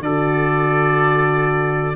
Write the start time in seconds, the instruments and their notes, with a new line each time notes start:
0.00 tuba D3, horn F#4, trumpet A4, oboe D5